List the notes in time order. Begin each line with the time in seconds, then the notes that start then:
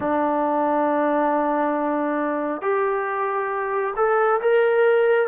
0.00 D4
2.61 G4
3.96 A4
4.41 A#4